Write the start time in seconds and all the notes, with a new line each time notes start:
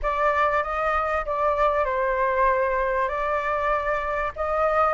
0.02 D5
0.63 D#5
1.25 D5
1.84 C5
3.08 D5
4.36 D#5